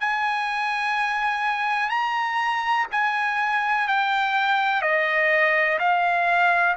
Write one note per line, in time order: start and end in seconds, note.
0.00 1.89 G#5
1.89 2.86 A#5
2.91 3.88 G#5
3.88 4.82 G5
4.82 5.78 D#5
5.79 6.76 F5